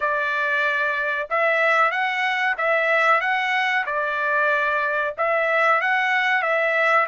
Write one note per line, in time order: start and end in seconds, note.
0.00 1.28 D5
1.29 1.91 E5
1.91 2.55 F#5
2.57 3.20 E5
3.20 3.85 F#5
3.85 5.14 D5
5.17 5.81 E5
5.81 6.42 F#5
6.42 7.06 E5